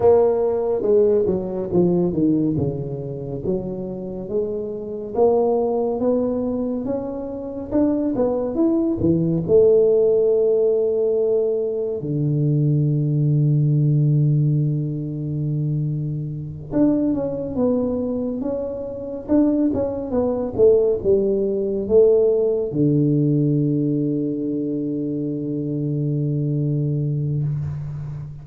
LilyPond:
\new Staff \with { instrumentName = "tuba" } { \time 4/4 \tempo 4 = 70 ais4 gis8 fis8 f8 dis8 cis4 | fis4 gis4 ais4 b4 | cis'4 d'8 b8 e'8 e8 a4~ | a2 d2~ |
d2.~ d8 d'8 | cis'8 b4 cis'4 d'8 cis'8 b8 | a8 g4 a4 d4.~ | d1 | }